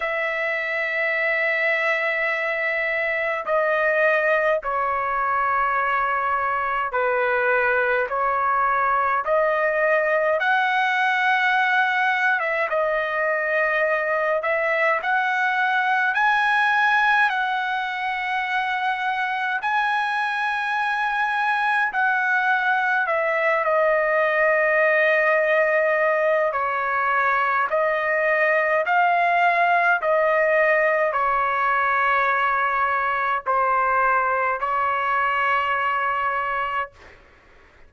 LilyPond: \new Staff \with { instrumentName = "trumpet" } { \time 4/4 \tempo 4 = 52 e''2. dis''4 | cis''2 b'4 cis''4 | dis''4 fis''4.~ fis''16 e''16 dis''4~ | dis''8 e''8 fis''4 gis''4 fis''4~ |
fis''4 gis''2 fis''4 | e''8 dis''2~ dis''8 cis''4 | dis''4 f''4 dis''4 cis''4~ | cis''4 c''4 cis''2 | }